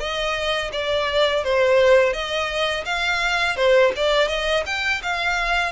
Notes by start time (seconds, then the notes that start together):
0.00 D#5
0.72 D5
1.44 C5
2.13 D#5
2.85 F5
3.56 C5
3.96 D5
4.28 D#5
4.66 G5
5.03 F5